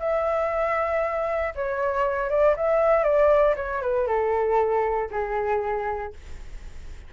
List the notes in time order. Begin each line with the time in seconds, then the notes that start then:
0.00 E5
1.55 C#5
2.30 D5
2.57 E5
3.04 D5
3.56 C#5
3.82 B4
4.07 A4
5.11 G#4